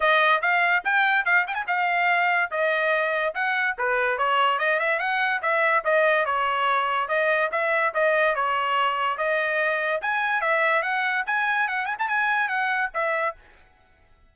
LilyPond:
\new Staff \with { instrumentName = "trumpet" } { \time 4/4 \tempo 4 = 144 dis''4 f''4 g''4 f''8 g''16 gis''16 | f''2 dis''2 | fis''4 b'4 cis''4 dis''8 e''8 | fis''4 e''4 dis''4 cis''4~ |
cis''4 dis''4 e''4 dis''4 | cis''2 dis''2 | gis''4 e''4 fis''4 gis''4 | fis''8 gis''16 a''16 gis''4 fis''4 e''4 | }